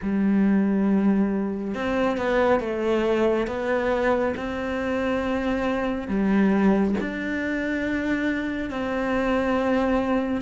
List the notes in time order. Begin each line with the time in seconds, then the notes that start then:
0.02 G3
1.74 C4
2.17 B3
2.60 A3
3.47 B3
4.36 C4
6.08 G3
7.00 D4
8.70 C4